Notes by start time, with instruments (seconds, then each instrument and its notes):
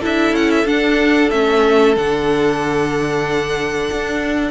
0.00 cello D4, viola E4, violin A4 E5
0.32 cello C#4, violin F#5
0.50 violin E5
0.65 cello D4, viola D4, violin F#5
1.30 cello A3, viola C#4, violin E5
1.96 cello D3, viola D4, violin F#5
3.91 cello D4